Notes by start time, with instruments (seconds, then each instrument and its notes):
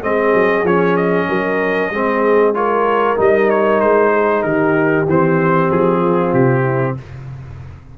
0.00 tuba G#3, trombone C4, horn G#4, trumpet D#5
0.33 tuba F#3
0.63 tuba F3, trombone C#4, trumpet C#5
0.96 trumpet D#5
1.28 tuba F#3, horn A#4
1.90 tuba G#3, trombone C4, horn G#4
2.54 trombone F4, horn A#4, trumpet C#5
3.16 tuba G3, trombone D#4, trumpet D#5
3.50 trumpet C#5
3.80 tuba G#3, trumpet C5
4.12 horn G#4
4.42 tuba D#3, horn G4, trumpet A#4
5.06 tuba E3, trombone C4, trumpet C5
5.71 tuba F3, trumpet G#4
6.00 horn F4
6.33 tuba C3, trumpet G4
6.62 horn E4